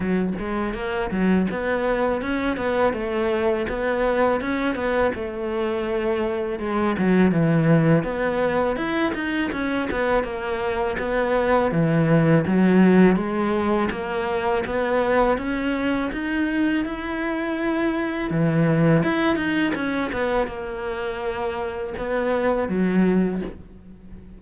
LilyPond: \new Staff \with { instrumentName = "cello" } { \time 4/4 \tempo 4 = 82 fis8 gis8 ais8 fis8 b4 cis'8 b8 | a4 b4 cis'8 b8 a4~ | a4 gis8 fis8 e4 b4 | e'8 dis'8 cis'8 b8 ais4 b4 |
e4 fis4 gis4 ais4 | b4 cis'4 dis'4 e'4~ | e'4 e4 e'8 dis'8 cis'8 b8 | ais2 b4 fis4 | }